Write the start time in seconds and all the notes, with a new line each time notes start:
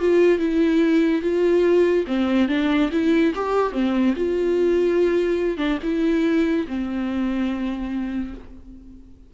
0.00 F4
0.39 E4
1.22 F4
2.07 C4
2.48 D4
2.92 E4
3.35 G4
3.72 C4
4.16 F4
5.57 D4
5.83 E4
6.67 C4